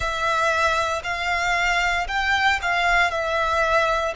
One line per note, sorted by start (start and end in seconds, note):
0.00 1.02 E5
1.03 2.07 F5
2.07 2.59 G5
2.61 3.10 F5
3.10 4.14 E5